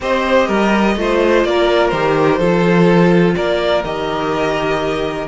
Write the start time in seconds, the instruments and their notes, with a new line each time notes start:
0.00 cello C4, viola G4, violin C5 D#5
0.47 cello G3, violin A#4
0.96 cello A3, viola F4, violin C5
1.44 cello A#3, violin A#4 D5
1.88 cello D#3, viola G4, violin C5
2.39 cello F3, viola F4, violin A4
3.35 cello A#3, violin A#4 D5
3.83 cello D#3, viola G4, violin D#5